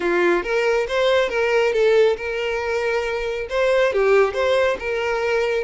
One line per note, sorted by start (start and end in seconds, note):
0.00 0.43 F4
0.43 0.86 A#4
0.88 1.29 C5
1.29 1.72 A#4
1.73 2.16 A4
2.17 3.47 A#4
3.49 3.92 C5
3.92 4.33 G4
4.33 4.77 C5
4.79 5.63 A#4